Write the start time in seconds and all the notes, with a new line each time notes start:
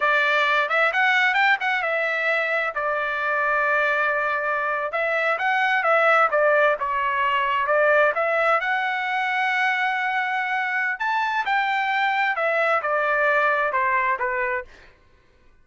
0.00 D5
0.69 E5
0.93 F#5
1.34 G5
1.60 F#5
1.82 E5
2.74 D5
4.92 E5
5.38 F#5
5.83 E5
6.30 D5
6.79 C#5
7.67 D5
8.14 E5
8.60 F#5
10.99 A5
11.45 G5
12.35 E5
12.81 D5
13.72 C5
14.19 B4